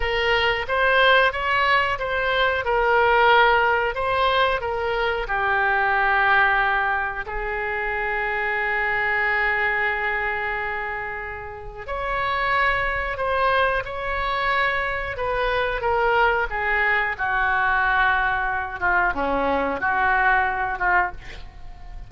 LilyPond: \new Staff \with { instrumentName = "oboe" } { \time 4/4 \tempo 4 = 91 ais'4 c''4 cis''4 c''4 | ais'2 c''4 ais'4 | g'2. gis'4~ | gis'1~ |
gis'2 cis''2 | c''4 cis''2 b'4 | ais'4 gis'4 fis'2~ | fis'8 f'8 cis'4 fis'4. f'8 | }